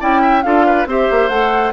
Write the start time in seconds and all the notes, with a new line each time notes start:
0.00 C#4 E4 D5 G5
0.22 E5
0.43 D4 F4 A4 F5
0.66 B4
0.86 C4 G4 C5 E5
1.11 A#3
1.29 A3 A4 F#5